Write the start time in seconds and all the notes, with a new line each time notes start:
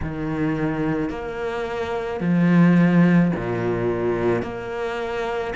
0.02 D#3
1.09 A#3
2.20 F3
3.35 A#2
4.42 A#3